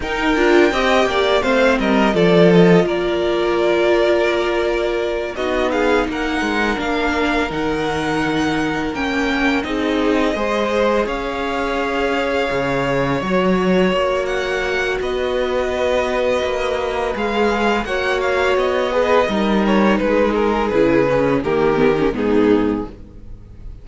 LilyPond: <<
  \new Staff \with { instrumentName = "violin" } { \time 4/4 \tempo 4 = 84 g''2 f''8 dis''8 d''8 dis''8 | d''2.~ d''8 dis''8 | f''8 fis''4 f''4 fis''4.~ | fis''8 g''4 dis''2 f''8~ |
f''2~ f''8 cis''4. | fis''4 dis''2. | f''4 fis''8 f''8 dis''4. cis''8 | b'8 ais'8 b'4 ais'4 gis'4 | }
  \new Staff \with { instrumentName = "violin" } { \time 4/4 ais'4 dis''8 d''8 c''8 ais'8 a'4 | ais'2.~ ais'8 fis'8 | gis'8 ais'2.~ ais'8~ | ais'4. gis'4 c''4 cis''8~ |
cis''1~ | cis''4 b'2.~ | b'4 cis''4. b'8 ais'4 | gis'2 g'4 dis'4 | }
  \new Staff \with { instrumentName = "viola" } { \time 4/4 dis'8 f'8 g'4 c'4 f'4~ | f'2.~ f'8 dis'8~ | dis'4. d'4 dis'4.~ | dis'8 cis'4 dis'4 gis'4.~ |
gis'2~ gis'8 fis'4.~ | fis'1 | gis'4 fis'4. gis'8 dis'4~ | dis'4 e'8 cis'8 ais8 b16 cis'16 b4 | }
  \new Staff \with { instrumentName = "cello" } { \time 4/4 dis'8 d'8 c'8 ais8 a8 g8 f4 | ais2.~ ais8 b8~ | b8 ais8 gis8 ais4 dis4.~ | dis8 ais4 c'4 gis4 cis'8~ |
cis'4. cis4 fis4 ais8~ | ais4 b2 ais4 | gis4 ais4 b4 g4 | gis4 cis4 dis4 gis,4 | }
>>